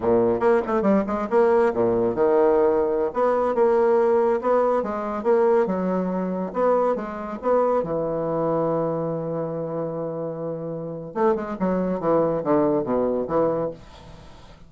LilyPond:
\new Staff \with { instrumentName = "bassoon" } { \time 4/4 \tempo 4 = 140 ais,4 ais8 a8 g8 gis8 ais4 | ais,4 dis2~ dis16 b8.~ | b16 ais2 b4 gis8.~ | gis16 ais4 fis2 b8.~ |
b16 gis4 b4 e4.~ e16~ | e1~ | e2 a8 gis8 fis4 | e4 d4 b,4 e4 | }